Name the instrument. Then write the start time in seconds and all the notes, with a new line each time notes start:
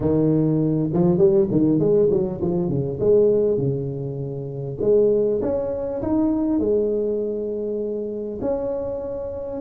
tuba
0.00 D#3
0.93 F3
1.18 G3
1.51 D#3
1.79 G#3
2.10 F#3
2.41 F3
2.68 C#3
2.99 G#3
3.57 C#3
4.81 G#3
5.41 C#4
6.02 D#4
6.59 G#3
8.41 C#4